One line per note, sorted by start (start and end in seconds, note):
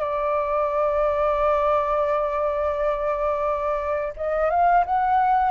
0.00 4.14 D5
4.17 4.50 D#5
4.50 4.85 F5
4.86 5.51 F#5